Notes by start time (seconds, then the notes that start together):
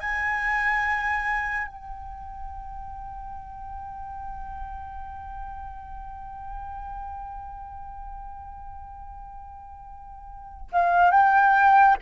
0.00 G#5
1.67 G5
10.73 F5
11.11 G5